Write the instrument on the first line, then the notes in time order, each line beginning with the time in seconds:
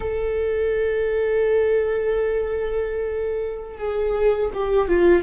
viola
0.00 A4
3.78 G#4
4.53 G4
4.88 F4